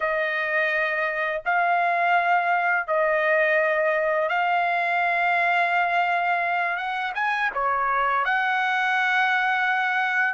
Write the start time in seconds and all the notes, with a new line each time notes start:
0.00 D#5
1.45 F5
2.87 D#5
4.29 F5
6.76 F#5
7.14 G#5
7.54 C#5
8.24 F#5